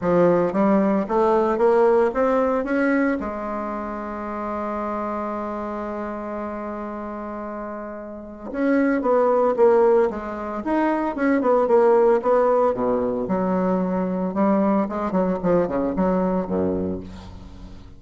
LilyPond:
\new Staff \with { instrumentName = "bassoon" } { \time 4/4 \tempo 4 = 113 f4 g4 a4 ais4 | c'4 cis'4 gis2~ | gis1~ | gis1 |
cis'4 b4 ais4 gis4 | dis'4 cis'8 b8 ais4 b4 | b,4 fis2 g4 | gis8 fis8 f8 cis8 fis4 fis,4 | }